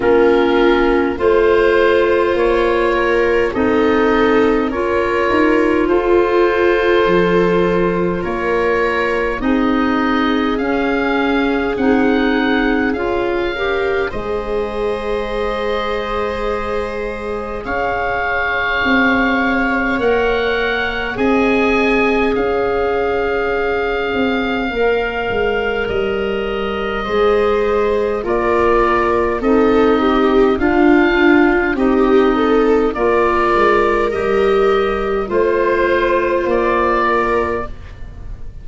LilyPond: <<
  \new Staff \with { instrumentName = "oboe" } { \time 4/4 \tempo 4 = 51 ais'4 c''4 cis''4 dis''4 | cis''4 c''2 cis''4 | dis''4 f''4 fis''4 f''4 | dis''2. f''4~ |
f''4 fis''4 gis''4 f''4~ | f''2 dis''2 | d''4 dis''4 f''4 dis''4 | d''4 dis''4 c''4 d''4 | }
  \new Staff \with { instrumentName = "viola" } { \time 4/4 f'4 c''4. ais'8 a'4 | ais'4 a'2 ais'4 | gis'2.~ gis'8 ais'8 | c''2. cis''4~ |
cis''2 dis''4 cis''4~ | cis''2. c''4 | ais'4 a'8 g'8 f'4 g'8 a'8 | ais'2 c''4. ais'8 | }
  \new Staff \with { instrumentName = "clarinet" } { \time 4/4 cis'4 f'2 dis'4 | f'1 | dis'4 cis'4 dis'4 f'8 g'8 | gis'1~ |
gis'4 ais'4 gis'2~ | gis'4 ais'2 gis'4 | f'4 dis'4 d'4 dis'4 | f'4 g'4 f'2 | }
  \new Staff \with { instrumentName = "tuba" } { \time 4/4 ais4 a4 ais4 c'4 | cis'8 dis'8 f'4 f4 ais4 | c'4 cis'4 c'4 cis'4 | gis2. cis'4 |
c'4 ais4 c'4 cis'4~ | cis'8 c'8 ais8 gis8 g4 gis4 | ais4 c'4 d'4 c'4 | ais8 gis8 g4 a4 ais4 | }
>>